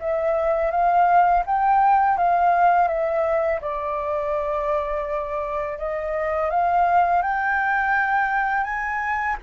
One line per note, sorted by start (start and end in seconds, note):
0.00 0.71 E5
0.71 1.44 F5
1.47 2.18 G5
2.18 2.88 F5
2.88 3.60 E5
3.61 5.78 D5
5.79 6.51 D#5
6.51 7.23 F5
7.23 8.64 G5
8.64 9.36 G#5